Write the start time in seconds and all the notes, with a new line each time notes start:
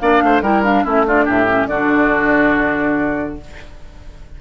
0.00 A#3 D4 D5 F5
0.23 A3 C5
0.42 G3 E4 A#4 G5
0.64 D4 F5
0.84 A3 C#4 E4 E5
1.07 D4 F4 D5
1.25 A2 G4 E5
1.48 C#4
1.68 D3 D4 F#4 D5